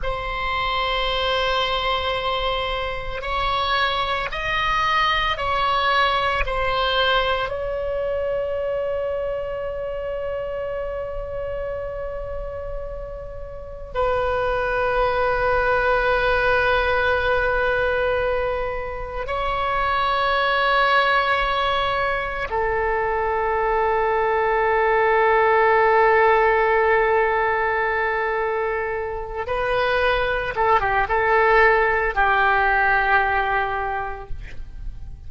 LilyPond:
\new Staff \with { instrumentName = "oboe" } { \time 4/4 \tempo 4 = 56 c''2. cis''4 | dis''4 cis''4 c''4 cis''4~ | cis''1~ | cis''4 b'2.~ |
b'2 cis''2~ | cis''4 a'2.~ | a'2.~ a'8 b'8~ | b'8 a'16 g'16 a'4 g'2 | }